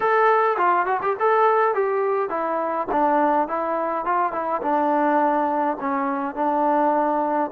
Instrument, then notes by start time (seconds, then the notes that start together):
trombone
0.00 A4
0.57 F4
0.86 F#4
1.01 G4
1.19 A4
1.74 G4
2.29 E4
2.91 D4
3.47 E4
4.05 F4
4.32 E4
4.62 D4
5.80 C#4
6.35 D4